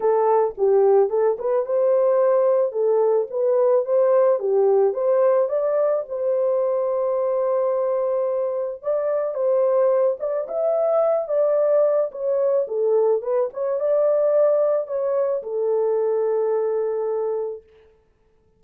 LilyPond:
\new Staff \with { instrumentName = "horn" } { \time 4/4 \tempo 4 = 109 a'4 g'4 a'8 b'8 c''4~ | c''4 a'4 b'4 c''4 | g'4 c''4 d''4 c''4~ | c''1 |
d''4 c''4. d''8 e''4~ | e''8 d''4. cis''4 a'4 | b'8 cis''8 d''2 cis''4 | a'1 | }